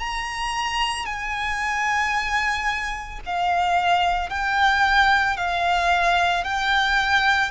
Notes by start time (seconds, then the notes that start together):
0.00 A#5
1.06 G#5
3.26 F5
4.30 G5
5.37 F5
6.44 G5